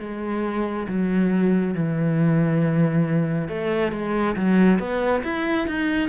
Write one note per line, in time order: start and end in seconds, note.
0.00 0.87 G#3
0.88 1.75 F#3
1.75 3.49 E3
3.49 3.92 A3
3.92 4.36 G#3
4.36 4.79 F#3
4.79 5.23 B3
5.24 5.67 E4
5.67 6.09 D#4